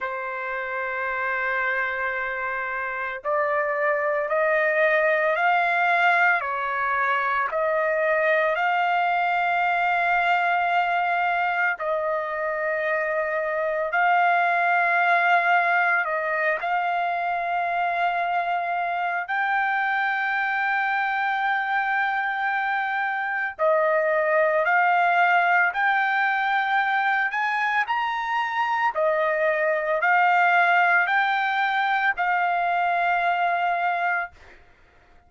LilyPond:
\new Staff \with { instrumentName = "trumpet" } { \time 4/4 \tempo 4 = 56 c''2. d''4 | dis''4 f''4 cis''4 dis''4 | f''2. dis''4~ | dis''4 f''2 dis''8 f''8~ |
f''2 g''2~ | g''2 dis''4 f''4 | g''4. gis''8 ais''4 dis''4 | f''4 g''4 f''2 | }